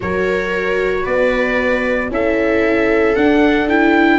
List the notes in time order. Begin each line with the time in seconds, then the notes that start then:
0.00 F#3 F#4 A#4 C#5
1.03 B3 B4 D5
2.10 C#4 E4 A4 E5
3.15 D4 F#5
3.68 E4 G5